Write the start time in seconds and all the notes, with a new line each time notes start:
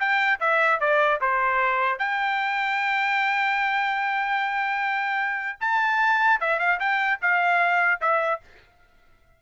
0.00 G5
0.41 E5
0.80 D5
1.21 C5
1.99 G5
5.61 A5
6.41 E5
6.60 F5
6.80 G5
7.22 F5
8.01 E5